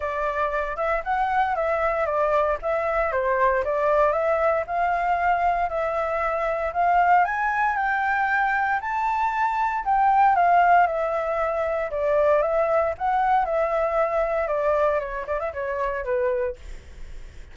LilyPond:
\new Staff \with { instrumentName = "flute" } { \time 4/4 \tempo 4 = 116 d''4. e''8 fis''4 e''4 | d''4 e''4 c''4 d''4 | e''4 f''2 e''4~ | e''4 f''4 gis''4 g''4~ |
g''4 a''2 g''4 | f''4 e''2 d''4 | e''4 fis''4 e''2 | d''4 cis''8 d''16 e''16 cis''4 b'4 | }